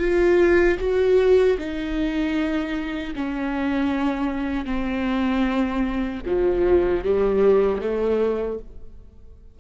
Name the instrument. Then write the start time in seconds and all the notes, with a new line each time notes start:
viola
0.00 F4
0.80 F#4
1.58 D#4
3.16 C#4
4.66 C4
6.26 F3
7.04 G3
7.81 A3